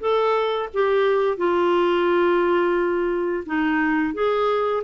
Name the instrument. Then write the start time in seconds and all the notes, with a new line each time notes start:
clarinet
0.00 A4
0.74 G4
1.37 F4
3.46 D#4
4.14 G#4